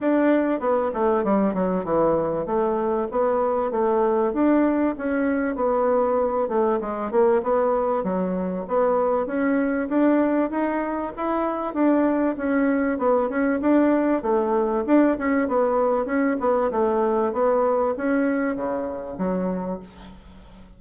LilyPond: \new Staff \with { instrumentName = "bassoon" } { \time 4/4 \tempo 4 = 97 d'4 b8 a8 g8 fis8 e4 | a4 b4 a4 d'4 | cis'4 b4. a8 gis8 ais8 | b4 fis4 b4 cis'4 |
d'4 dis'4 e'4 d'4 | cis'4 b8 cis'8 d'4 a4 | d'8 cis'8 b4 cis'8 b8 a4 | b4 cis'4 cis4 fis4 | }